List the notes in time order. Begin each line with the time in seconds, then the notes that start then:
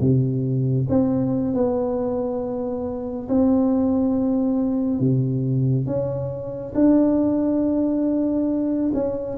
0.00 C3
0.89 C4
1.54 B3
3.28 C4
5.00 C3
5.86 C#4
6.74 D4
8.94 C#4